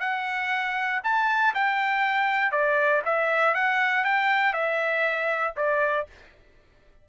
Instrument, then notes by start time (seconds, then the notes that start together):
trumpet
0.00 F#5
1.04 A5
1.54 G5
2.52 D5
3.05 E5
3.54 F#5
4.05 G5
4.53 E5
5.57 D5